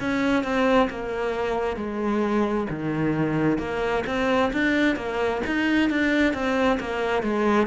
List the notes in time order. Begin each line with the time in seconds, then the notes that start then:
0.00 C#4
0.43 C4
0.90 A#3
1.76 G#3
2.69 D#3
3.59 A#3
4.07 C4
4.53 D4
4.96 A#3
5.46 D#4
5.90 D4
6.33 C4
6.80 A#3
7.23 G#3